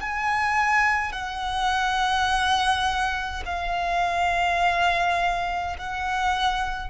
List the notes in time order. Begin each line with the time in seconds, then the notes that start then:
0.00 G#5
1.12 F#5
3.45 F5
5.78 F#5